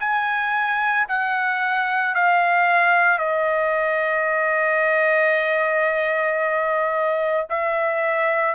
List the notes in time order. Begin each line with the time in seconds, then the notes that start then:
0.00 G#5
1.09 F#5
2.15 F5
3.19 D#5
7.50 E5